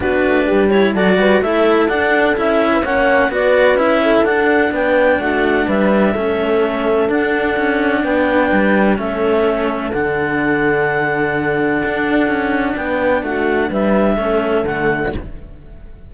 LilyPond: <<
  \new Staff \with { instrumentName = "clarinet" } { \time 4/4 \tempo 4 = 127 b'4. cis''8 d''4 e''4 | fis''4 e''4 fis''4 d''4 | e''4 fis''4 g''4 fis''4 | e''2. fis''4~ |
fis''4 g''2 e''4~ | e''4 fis''2.~ | fis''2. g''4 | fis''4 e''2 fis''4 | }
  \new Staff \with { instrumentName = "horn" } { \time 4/4 fis'4 g'4 a'8 b'8 a'4~ | a'4.~ a'16 b'16 cis''4 b'4~ | b'8 a'4. b'4 fis'4 | b'4 a'2.~ |
a'4 b'2 a'4~ | a'1~ | a'2. b'4 | fis'4 b'4 a'2 | }
  \new Staff \with { instrumentName = "cello" } { \time 4/4 d'4. e'8 fis'4 e'4 | d'4 e'4 cis'4 fis'4 | e'4 d'2.~ | d'4 cis'2 d'4~ |
d'2. cis'4~ | cis'4 d'2.~ | d'1~ | d'2 cis'4 a4 | }
  \new Staff \with { instrumentName = "cello" } { \time 4/4 b8 a8 g4 fis8 g8 a4 | d'4 cis'4 ais4 b4 | cis'4 d'4 b4 a4 | g4 a2 d'4 |
cis'4 b4 g4 a4~ | a4 d2.~ | d4 d'4 cis'4 b4 | a4 g4 a4 d4 | }
>>